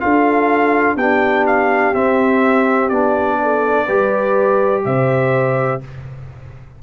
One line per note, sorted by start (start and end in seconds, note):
0.00 0.96 D4
0.00 0.97 F4
0.00 0.96 A4
0.00 0.97 F5
0.96 1.93 B3
0.96 1.94 D4
0.96 3.38 G4
0.96 1.46 G5
1.47 1.94 F5
1.94 2.91 C4
1.94 2.90 C4
1.94 2.89 E5
2.89 3.87 B3
2.89 3.87 D4
2.89 4.82 D5
3.42 3.85 A4
3.85 4.85 G3
3.85 5.81 G4
3.85 4.82 B4
4.85 5.82 C3
4.85 5.83 C5
4.85 5.82 E5